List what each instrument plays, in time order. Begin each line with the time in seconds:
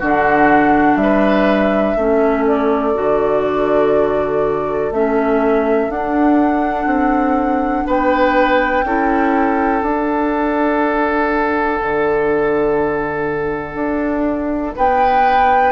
0.00 bassoon D3, clarinet D4, oboe F#4, flute F#5
0.96 bassoon G3, flute E5
1.03 oboe B4
1.96 bassoon A3, clarinet C#4, oboe A4
2.48 flute D5
2.95 bassoon D3, clarinet F#4
4.91 bassoon A3, clarinet C#4, flute E5
5.89 bassoon D4, clarinet D4, flute F#5
6.86 bassoon C4
7.87 bassoon B3, oboe B4, flute G5
8.84 bassoon C#4, clarinet E4, oboe A4
9.83 bassoon D4, clarinet D4, flute F#5
11.83 bassoon D3
13.75 bassoon D4
14.76 bassoon B3, oboe B4, flute G5